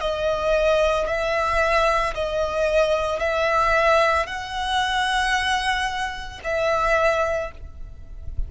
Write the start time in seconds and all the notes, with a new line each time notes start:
0.00 D#5
1.07 E5
2.14 D#5
3.19 E5
4.26 F#5
6.44 E5